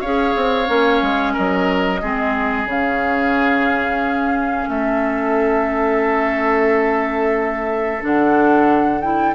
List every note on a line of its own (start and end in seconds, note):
0.00 0.34 C#4
0.00 0.65 G#4
0.00 1.33 C#5
0.00 1.33 F5
0.36 0.68 C4
0.65 1.01 A#3
0.65 1.99 C#4
1.01 1.35 G#3
1.33 2.02 F#3
1.33 1.99 A#4
1.33 2.68 D#5
2.02 2.65 G#3
2.02 2.67 C4
2.02 4.68 G#4
2.65 4.65 C#3
2.65 8.00 C#4
2.65 4.69 F5
4.68 8.01 A3
4.68 9.34 A4
4.68 8.02 E5
8.00 9.34 D3
8.00 9.00 D4
8.00 9.01 F#5
9.01 9.34 E4
9.01 9.34 G5